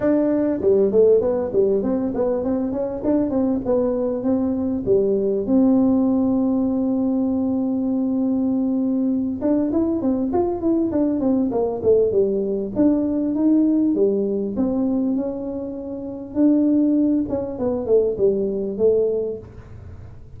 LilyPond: \new Staff \with { instrumentName = "tuba" } { \time 4/4 \tempo 4 = 99 d'4 g8 a8 b8 g8 c'8 b8 | c'8 cis'8 d'8 c'8 b4 c'4 | g4 c'2.~ | c'2.~ c'8 d'8 |
e'8 c'8 f'8 e'8 d'8 c'8 ais8 a8 | g4 d'4 dis'4 g4 | c'4 cis'2 d'4~ | d'8 cis'8 b8 a8 g4 a4 | }